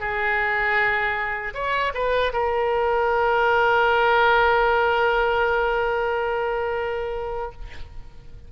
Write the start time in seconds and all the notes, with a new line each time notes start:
0.00 G#4
1.54 C#5
1.94 B4
2.33 A#4